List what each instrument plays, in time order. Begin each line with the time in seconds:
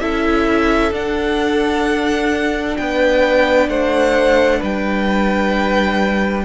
0.00 cello C#4, viola E4, violin A4 E5
0.92 cello D4, viola D4, violin F#5
2.77 cello B3, violin B4 G5
3.69 cello A3, violin C5 F#5
4.60 cello G3, violin B4 G5